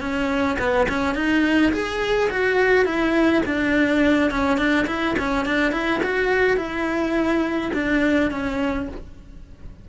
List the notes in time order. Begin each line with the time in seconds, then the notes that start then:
0.00 C#4
0.58 B3
0.89 C#4
1.15 D#4
1.72 G#4
2.30 F#4
2.85 E4
3.45 D4
4.30 C#4
4.57 D4
4.86 E4
5.18 C#4
5.45 D4
5.72 E4
6.03 F#4
6.57 E4
7.74 D4
8.31 C#4